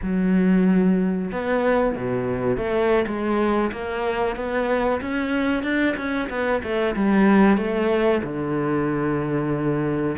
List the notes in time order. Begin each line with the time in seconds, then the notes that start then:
0.02 F#3
1.31 B3
1.95 B2
2.57 A3
3.06 G#3
3.72 A#3
4.36 B3
5.01 C#4
5.63 D4
5.96 C#4
6.29 B3
6.63 A3
6.95 G3
7.57 A3
8.23 D3